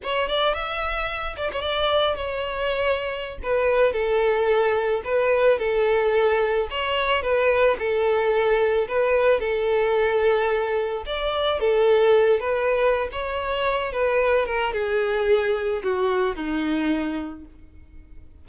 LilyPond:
\new Staff \with { instrumentName = "violin" } { \time 4/4 \tempo 4 = 110 cis''8 d''8 e''4. d''16 cis''16 d''4 | cis''2~ cis''16 b'4 a'8.~ | a'4~ a'16 b'4 a'4.~ a'16~ | a'16 cis''4 b'4 a'4.~ a'16~ |
a'16 b'4 a'2~ a'8.~ | a'16 d''4 a'4. b'4~ b'16 | cis''4. b'4 ais'8 gis'4~ | gis'4 fis'4 dis'2 | }